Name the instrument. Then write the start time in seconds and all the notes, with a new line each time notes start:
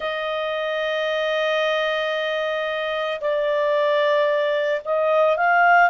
clarinet
0.00 D#5
3.20 D5
4.85 D#5
5.36 F5